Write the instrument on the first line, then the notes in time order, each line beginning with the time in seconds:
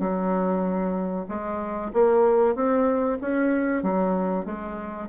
bassoon
0.00 F#3
1.29 G#3
1.93 A#3
2.55 C4
3.22 C#4
3.83 F#3
4.46 G#3